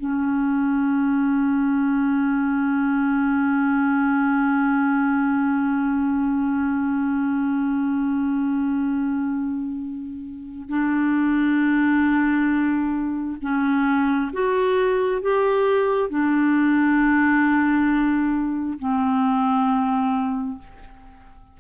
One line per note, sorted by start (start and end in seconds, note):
0.00 10.69 C#4
10.69 13.38 D4
13.42 14.32 C#4
14.33 15.22 F#4
15.22 16.10 G4
16.10 18.79 D4
18.79 20.58 C4